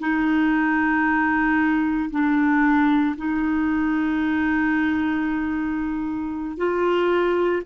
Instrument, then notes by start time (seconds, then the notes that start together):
clarinet
0.00 D#4
2.11 D4
3.17 D#4
6.57 F4